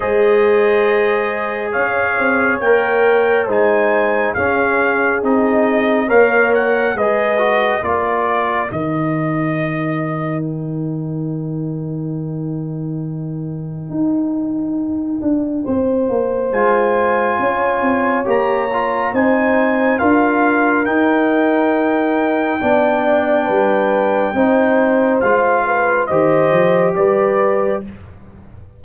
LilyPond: <<
  \new Staff \with { instrumentName = "trumpet" } { \time 4/4 \tempo 4 = 69 dis''2 f''4 g''4 | gis''4 f''4 dis''4 f''8 fis''8 | dis''4 d''4 dis''2 | g''1~ |
g''2. gis''4~ | gis''4 ais''4 gis''4 f''4 | g''1~ | g''4 f''4 dis''4 d''4 | }
  \new Staff \with { instrumentName = "horn" } { \time 4/4 c''2 cis''2 | c''4 gis'2 cis''4 | b'4 ais'2.~ | ais'1~ |
ais'2 c''2 | cis''2 c''4 ais'4~ | ais'2 d''4 b'4 | c''4. b'8 c''4 b'4 | }
  \new Staff \with { instrumentName = "trombone" } { \time 4/4 gis'2. ais'4 | dis'4 cis'4 dis'4 ais'4 | gis'8 fis'8 f'4 dis'2~ | dis'1~ |
dis'2. f'4~ | f'4 g'8 f'8 dis'4 f'4 | dis'2 d'2 | dis'4 f'4 g'2 | }
  \new Staff \with { instrumentName = "tuba" } { \time 4/4 gis2 cis'8 c'8 ais4 | gis4 cis'4 c'4 ais4 | gis4 ais4 dis2~ | dis1 |
dis'4. d'8 c'8 ais8 gis4 | cis'8 c'8 ais4 c'4 d'4 | dis'2 b4 g4 | c'4 gis4 dis8 f8 g4 | }
>>